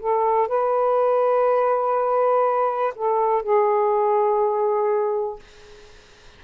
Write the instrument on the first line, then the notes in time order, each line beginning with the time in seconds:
saxophone
0.00 A4
0.48 B4
2.96 A4
3.43 G#4